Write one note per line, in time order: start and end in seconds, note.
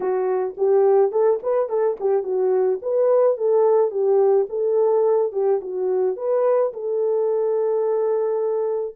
0.00 0.54 F#4
0.57 1.11 G4
1.11 1.39 A4
1.42 1.69 B4
1.69 1.97 A4
2.00 2.23 G4
2.23 2.79 F#4
2.82 3.37 B4
3.37 3.90 A4
3.90 4.46 G4
4.49 5.32 A4
5.32 5.60 G4
5.61 6.16 F#4
6.16 6.72 B4
6.73 8.95 A4